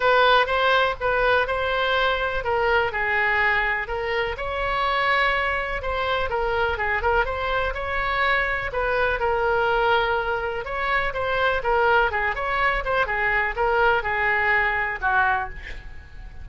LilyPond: \new Staff \with { instrumentName = "oboe" } { \time 4/4 \tempo 4 = 124 b'4 c''4 b'4 c''4~ | c''4 ais'4 gis'2 | ais'4 cis''2. | c''4 ais'4 gis'8 ais'8 c''4 |
cis''2 b'4 ais'4~ | ais'2 cis''4 c''4 | ais'4 gis'8 cis''4 c''8 gis'4 | ais'4 gis'2 fis'4 | }